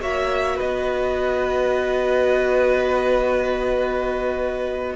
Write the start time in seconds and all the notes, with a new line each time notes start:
0.00 A#3 F#4 C#5 E5
0.56 B3 B4 D#5